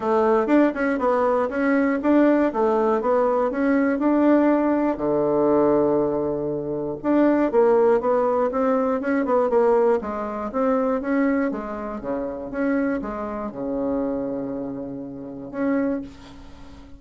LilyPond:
\new Staff \with { instrumentName = "bassoon" } { \time 4/4 \tempo 4 = 120 a4 d'8 cis'8 b4 cis'4 | d'4 a4 b4 cis'4 | d'2 d2~ | d2 d'4 ais4 |
b4 c'4 cis'8 b8 ais4 | gis4 c'4 cis'4 gis4 | cis4 cis'4 gis4 cis4~ | cis2. cis'4 | }